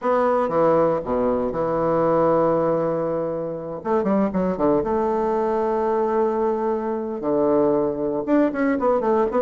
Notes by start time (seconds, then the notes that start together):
0.01 B3
0.48 E3
1.04 B2
1.52 E3
3.84 A3
4.03 G3
4.33 F#3
4.57 D3
4.83 A3
7.21 D3
8.25 D4
8.52 C#4
8.79 B3
9.00 A3
9.31 B3